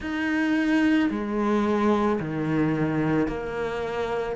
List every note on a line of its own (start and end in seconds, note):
0.00 1.09 D#4
1.10 2.19 G#3
2.20 3.27 D#3
3.27 4.35 A#3